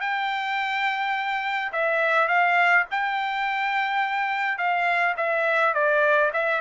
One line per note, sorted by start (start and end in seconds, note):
0.00 1.71 G5
1.72 2.28 E5
2.28 2.85 F5
2.90 4.58 G5
4.58 5.15 F5
5.16 5.74 E5
5.74 6.31 D5
6.33 6.61 E5